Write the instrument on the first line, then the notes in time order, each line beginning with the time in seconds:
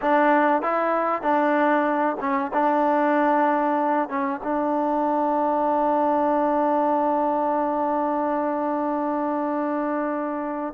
trombone
0.01 D4
0.62 E4
1.21 D4
2.20 C#4
2.53 D4
4.09 C#4
4.43 D4